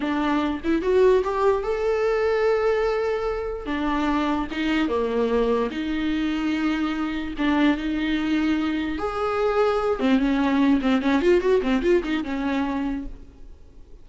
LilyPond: \new Staff \with { instrumentName = "viola" } { \time 4/4 \tempo 4 = 147 d'4. e'8 fis'4 g'4 | a'1~ | a'4 d'2 dis'4 | ais2 dis'2~ |
dis'2 d'4 dis'4~ | dis'2 gis'2~ | gis'8 c'8 cis'4. c'8 cis'8 f'8 | fis'8 c'8 f'8 dis'8 cis'2 | }